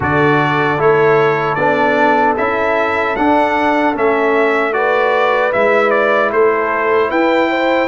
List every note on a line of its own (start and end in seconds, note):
0.00 0.78 D3
0.00 0.78 F#4
0.00 4.73 A4
0.00 0.81 D5
0.78 1.57 A3
0.78 1.57 E4
0.78 1.54 C#5
1.54 2.36 B3
1.54 2.37 D4
1.54 2.33 D5
2.37 3.17 C#4
2.37 3.16 E4
2.37 3.16 E5
3.16 3.95 D4
3.16 3.94 D4
3.16 3.95 F#5
3.94 5.53 A3
3.94 4.73 C#4
3.94 4.73 E5
4.73 5.51 F#4
4.73 6.34 B4
4.73 5.52 D5
5.52 6.31 G#3
5.52 7.88 E4
5.52 5.90 E5
5.90 6.30 D5
6.31 7.10 A3
6.31 7.09 A4
6.31 7.11 C5
7.09 7.88 E4
7.09 7.49 B4
7.09 7.88 G5
7.50 7.88 C5